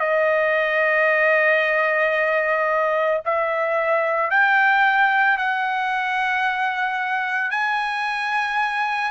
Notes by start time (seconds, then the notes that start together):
0.00 D#5
3.26 E5
4.31 G5
5.38 F#5
7.51 G#5